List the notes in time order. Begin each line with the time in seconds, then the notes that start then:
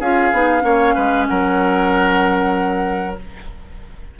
0.00 C#4 F4 G#4 F5
0.33 B3 D#4
0.61 A#3 C#4 C#5
0.95 G#3 B4
1.27 F#3 A#4 F#5